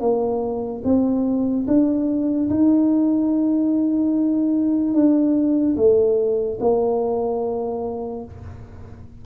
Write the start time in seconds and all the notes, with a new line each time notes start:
0.00 A#3
0.84 C4
1.67 D4
2.50 D#4
4.94 D4
5.76 A3
6.60 A#3